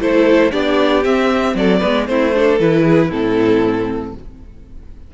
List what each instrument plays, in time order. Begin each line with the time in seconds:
0.00 cello A3, viola E4, violin A4 C5
0.51 cello B3, viola D4, violin G4 D5
1.04 cello C4, viola C4, violin E5
1.54 cello F#3, violin A4 D5
1.78 cello G#3, viola B3, violin B4
2.07 cello A3, viola C4, violin E4 C5
2.34 viola D4, violin A4
2.59 cello E3, viola E4, violin B4
2.84 violin G#4
3.08 cello A2, viola C4, violin E4 A4